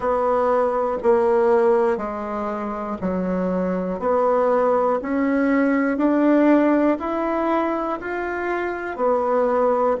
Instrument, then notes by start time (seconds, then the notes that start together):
bassoon
0.00 B3
1.03 A#3
1.97 G#3
3.00 F#3
3.99 B3
5.01 C#4
5.97 D4
6.99 E4
8.00 F4
8.96 B3